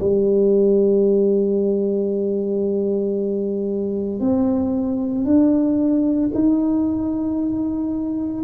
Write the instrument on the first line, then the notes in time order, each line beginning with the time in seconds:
tuba
0.00 G3
4.20 C4
5.25 D4
6.34 D#4